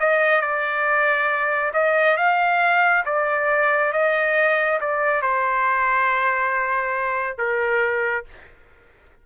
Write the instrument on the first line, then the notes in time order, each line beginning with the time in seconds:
trumpet
0.00 D#5
0.42 D5
1.74 D#5
2.17 F5
3.06 D5
3.92 D#5
4.81 D5
5.22 C5
7.38 A#4